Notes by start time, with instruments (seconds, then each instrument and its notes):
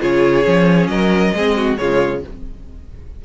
0.00 cello C#3, viola F4, violin G#4 C#5
0.44 cello F3, viola C#4
0.87 cello F#3, violin A#4 D#5
1.33 cello G#3, viola C4, violin G#4
1.56 violin F#4
1.77 cello C#3, viola G#3, violin F4 C#5